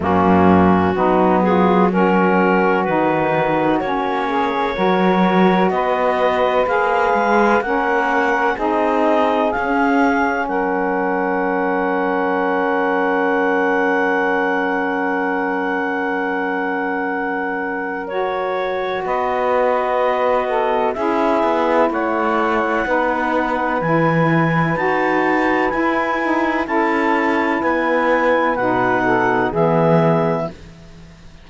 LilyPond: <<
  \new Staff \with { instrumentName = "clarinet" } { \time 4/4 \tempo 4 = 63 fis'4. gis'8 ais'4 b'4 | cis''2 dis''4 f''4 | fis''4 dis''4 f''4 fis''4~ | fis''1~ |
fis''2. cis''4 | dis''2 e''4 fis''4~ | fis''4 gis''4 a''4 gis''4 | a''4 gis''4 fis''4 e''4 | }
  \new Staff \with { instrumentName = "saxophone" } { \time 4/4 cis'4 dis'8 f'8 fis'2~ | fis'8 gis'8 ais'4 b'2 | ais'4 gis'2 ais'4~ | ais'1~ |
ais'1 | b'4. a'8 gis'4 cis''4 | b'1 | a'4 b'4. a'8 gis'4 | }
  \new Staff \with { instrumentName = "saxophone" } { \time 4/4 ais4 b4 cis'4 dis'4 | cis'4 fis'2 gis'4 | cis'4 dis'4 cis'2~ | cis'1~ |
cis'2. fis'4~ | fis'2 e'2 | dis'4 e'4 fis'4 e'8 dis'8 | e'2 dis'4 b4 | }
  \new Staff \with { instrumentName = "cello" } { \time 4/4 fis,4 fis2 dis4 | ais4 fis4 b4 ais8 gis8 | ais4 c'4 cis'4 fis4~ | fis1~ |
fis1 | b2 cis'8 b8 a4 | b4 e4 dis'4 e'4 | cis'4 b4 b,4 e4 | }
>>